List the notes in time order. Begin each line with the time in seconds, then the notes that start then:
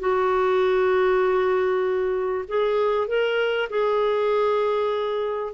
0.00 F#4
2.48 G#4
3.08 A#4
3.70 G#4